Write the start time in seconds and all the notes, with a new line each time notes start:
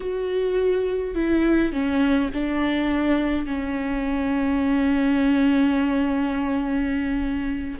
0.00 F#4
1.14 E4
1.72 C#4
2.33 D4
3.46 C#4